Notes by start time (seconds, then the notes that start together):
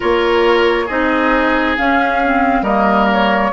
0.00 A#3 F4 A#4 C#5
0.85 C4 D#4 G#4 D#5
1.77 C#4 F5
2.24 C4
2.62 G3 A#3 A#4 D#5
3.12 C#5